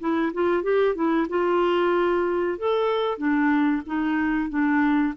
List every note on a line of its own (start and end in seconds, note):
0.00 0.32 E4
0.34 0.63 F4
0.63 0.95 G4
0.95 1.27 E4
1.29 2.58 F4
2.59 3.18 A4
3.18 3.83 D4
3.87 4.50 D#4
4.50 5.14 D4